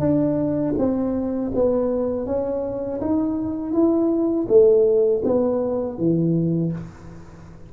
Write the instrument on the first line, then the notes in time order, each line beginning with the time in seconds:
tuba
0.00 D4
0.78 C4
1.55 B3
2.27 C#4
3.01 D#4
3.73 E4
4.49 A3
5.25 B3
5.98 E3